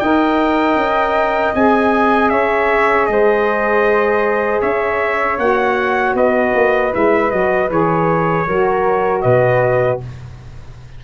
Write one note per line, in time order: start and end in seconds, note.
0.00 0.76 D#4
0.00 1.55 A#4
0.00 2.32 D#5
0.00 1.54 G5
0.76 1.53 C#4
1.55 2.32 C4
1.55 5.39 G#4
1.55 2.30 G#5
2.30 3.09 C#4
2.30 3.09 C#5
2.30 3.07 E5
3.07 4.62 G#3
3.07 4.61 C5
3.07 4.61 D#5
4.61 5.39 C#4
4.61 6.15 C#5
4.61 5.39 E5
5.39 6.15 A#3
5.39 6.92 F#4
5.39 6.16 F#5
6.15 6.53 B3
6.15 8.47 B4
6.15 6.94 D#5
6.55 6.93 A#3
6.92 7.32 G#3
6.92 7.30 E4
6.92 7.31 E5
7.30 7.70 F#3
7.30 7.69 F#4
7.30 7.70 D#5
7.70 8.47 E3
7.70 8.47 G#4
7.70 9.22 C#5
8.47 9.24 F#3
8.47 10.04 F#4
8.47 9.23 A#4
9.22 10.01 B2
9.22 10.00 B4
9.22 9.99 D#5